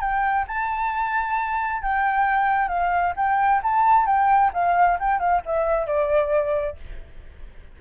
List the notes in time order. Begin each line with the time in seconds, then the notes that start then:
0.00 G5
0.47 A5
1.82 G5
2.68 F5
3.16 G5
3.63 A5
4.06 G5
4.53 F5
4.99 G5
5.19 F5
5.45 E5
5.86 D5